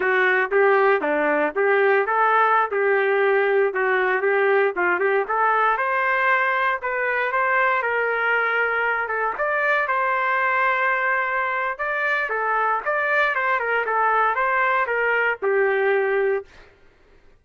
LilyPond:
\new Staff \with { instrumentName = "trumpet" } { \time 4/4 \tempo 4 = 117 fis'4 g'4 d'4 g'4 | a'4~ a'16 g'2 fis'8.~ | fis'16 g'4 f'8 g'8 a'4 c''8.~ | c''4~ c''16 b'4 c''4 ais'8.~ |
ais'4.~ ais'16 a'8 d''4 c''8.~ | c''2. d''4 | a'4 d''4 c''8 ais'8 a'4 | c''4 ais'4 g'2 | }